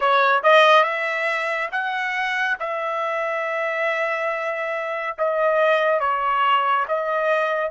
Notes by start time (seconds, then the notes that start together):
0.00 C#5
0.43 D#5
0.83 E5
1.71 F#5
2.59 E5
5.17 D#5
6.00 C#5
6.88 D#5